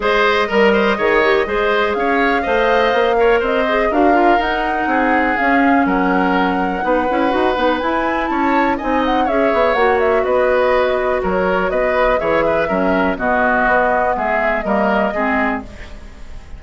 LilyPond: <<
  \new Staff \with { instrumentName = "flute" } { \time 4/4 \tempo 4 = 123 dis''1 | f''2. dis''4 | f''4 fis''2 f''4 | fis''1 |
gis''4 a''4 gis''8 fis''8 e''4 | fis''8 e''8 dis''2 cis''4 | dis''4 e''2 dis''4~ | dis''4 e''4 dis''2 | }
  \new Staff \with { instrumentName = "oboe" } { \time 4/4 c''4 ais'8 c''8 cis''4 c''4 | cis''4 dis''4. cis''8 c''4 | ais'2 gis'2 | ais'2 b'2~ |
b'4 cis''4 dis''4 cis''4~ | cis''4 b'2 ais'4 | b'4 cis''8 b'8 ais'4 fis'4~ | fis'4 gis'4 ais'4 gis'4 | }
  \new Staff \with { instrumentName = "clarinet" } { \time 4/4 gis'4 ais'4 gis'8 g'8 gis'4~ | gis'4 c''4. ais'4 gis'8 | fis'8 f'8 dis'2 cis'4~ | cis'2 dis'8 e'8 fis'8 dis'8 |
e'2 dis'4 gis'4 | fis'1~ | fis'4 gis'4 cis'4 b4~ | b2 ais4 c'4 | }
  \new Staff \with { instrumentName = "bassoon" } { \time 4/4 gis4 g4 dis4 gis4 | cis'4 a4 ais4 c'4 | d'4 dis'4 c'4 cis'4 | fis2 b8 cis'8 dis'8 b8 |
e'4 cis'4 c'4 cis'8 b8 | ais4 b2 fis4 | b4 e4 fis4 b,4 | b4 gis4 g4 gis4 | }
>>